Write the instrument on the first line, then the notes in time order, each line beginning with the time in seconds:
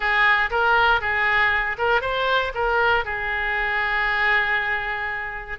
oboe
0.00 G#4
0.50 A#4
1.00 G#4
1.78 A#4
2.01 C5
2.54 A#4
3.04 G#4